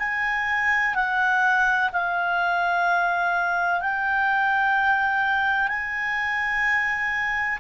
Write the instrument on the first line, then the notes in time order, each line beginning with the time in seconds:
clarinet
0.00 G#5
0.95 F#5
1.93 F5
3.81 G5
5.68 G#5